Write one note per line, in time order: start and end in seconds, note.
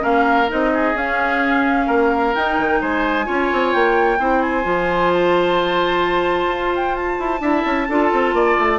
0.00 0.50 A#3
0.00 0.46 C#4
0.00 0.71 A#4
0.00 0.50 F5
0.49 0.94 C4
0.49 0.95 D#4
0.49 0.97 D#5
0.74 1.87 G#4
0.94 1.86 C#4
0.94 2.34 C#4
0.94 2.35 F5
1.87 2.34 A#3
1.87 2.79 A#4
2.35 3.25 D#4
2.35 2.58 D#4
2.35 2.81 G5
2.58 2.81 D#3
2.81 3.28 G#3
2.81 3.26 C5
2.81 3.73 G#5
3.25 3.51 C#4
3.25 4.17 F4
3.25 4.18 C#5
3.52 3.75 C4
3.73 4.18 A#3
3.73 4.42 G5
4.18 4.65 C4
4.18 4.63 E4
4.18 7.41 C5
4.42 5.11 G#5
4.63 6.47 F3
4.63 7.40 F4
5.13 6.75 A5
6.47 7.16 F4
6.76 6.95 G5
6.95 8.79 A5
7.19 7.40 E4
7.40 7.63 D4
7.40 7.87 E4
7.40 7.87 E5
7.65 7.88 C#4
7.89 8.12 D4
7.89 8.79 F4
7.89 8.35 A4
8.12 8.33 C4
8.33 8.56 A#3
8.33 8.79 D5
8.59 8.79 A3